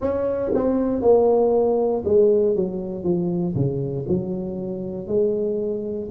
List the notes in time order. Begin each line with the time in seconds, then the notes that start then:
0.00 C#4
0.54 C4
1.01 A#3
2.04 G#3
2.55 F#3
3.03 F3
3.55 C#3
4.08 F#3
5.07 G#3